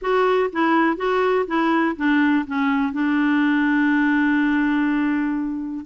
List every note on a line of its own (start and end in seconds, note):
0.01 0.50 F#4
0.52 0.96 E4
0.96 1.45 F#4
1.47 1.96 E4
1.96 2.45 D4
2.46 2.92 C#4
2.92 5.85 D4